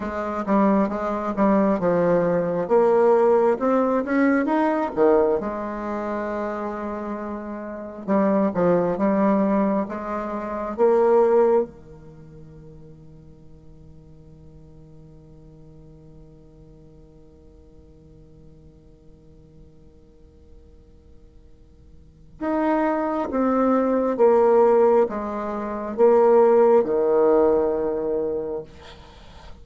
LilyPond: \new Staff \with { instrumentName = "bassoon" } { \time 4/4 \tempo 4 = 67 gis8 g8 gis8 g8 f4 ais4 | c'8 cis'8 dis'8 dis8 gis2~ | gis4 g8 f8 g4 gis4 | ais4 dis2.~ |
dis1~ | dis1~ | dis4 dis'4 c'4 ais4 | gis4 ais4 dis2 | }